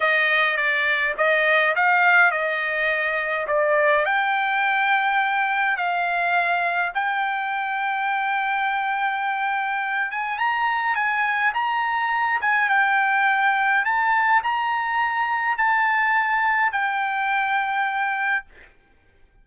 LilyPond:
\new Staff \with { instrumentName = "trumpet" } { \time 4/4 \tempo 4 = 104 dis''4 d''4 dis''4 f''4 | dis''2 d''4 g''4~ | g''2 f''2 | g''1~ |
g''4. gis''8 ais''4 gis''4 | ais''4. gis''8 g''2 | a''4 ais''2 a''4~ | a''4 g''2. | }